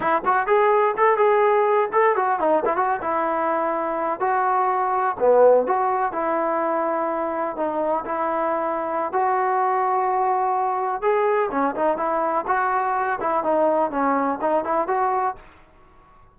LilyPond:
\new Staff \with { instrumentName = "trombone" } { \time 4/4 \tempo 4 = 125 e'8 fis'8 gis'4 a'8 gis'4. | a'8 fis'8 dis'8 e'16 fis'8 e'4.~ e'16~ | e'8. fis'2 b4 fis'16~ | fis'8. e'2. dis'16~ |
dis'8. e'2~ e'16 fis'4~ | fis'2. gis'4 | cis'8 dis'8 e'4 fis'4. e'8 | dis'4 cis'4 dis'8 e'8 fis'4 | }